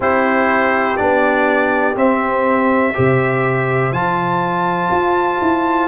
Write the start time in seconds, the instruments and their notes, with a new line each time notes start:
0.00 tuba C4, trombone E4, horn G4, trumpet C5
0.96 tuba B3, trombone D4, trumpet D5
1.95 tuba C4, trombone C4, trumpet E5
2.93 tuba C3, trombone G4, horn C5
3.91 tuba F3, trombone F4, trumpet A5
4.90 tuba F4
5.41 tuba E4